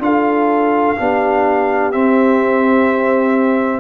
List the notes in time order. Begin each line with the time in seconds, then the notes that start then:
0.00 D4 F4 A4 F5
0.97 B3 D4 G4
1.92 C4 E5